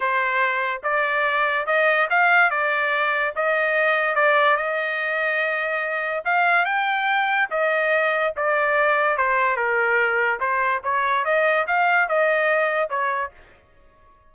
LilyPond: \new Staff \with { instrumentName = "trumpet" } { \time 4/4 \tempo 4 = 144 c''2 d''2 | dis''4 f''4 d''2 | dis''2 d''4 dis''4~ | dis''2. f''4 |
g''2 dis''2 | d''2 c''4 ais'4~ | ais'4 c''4 cis''4 dis''4 | f''4 dis''2 cis''4 | }